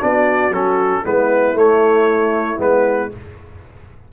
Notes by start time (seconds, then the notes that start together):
0.00 B3 D4 F#4 D5
0.50 F#3 C#4 A4
1.04 G#3 B3 E4 B4
1.53 A3 C#5
2.58 G#3 B3 B4